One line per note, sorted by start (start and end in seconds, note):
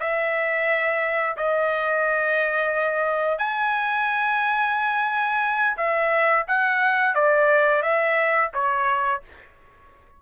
0.00 1.36 E5
1.37 3.38 D#5
3.38 5.77 G#5
5.77 6.46 E5
6.48 7.15 F#5
7.15 7.83 D5
7.83 8.51 E5
8.54 9.22 C#5